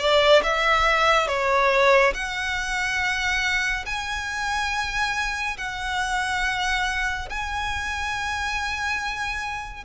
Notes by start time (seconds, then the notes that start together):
0.00 D5
0.44 E5
1.28 C#5
2.14 F#5
3.86 G#5
5.58 F#5
7.30 G#5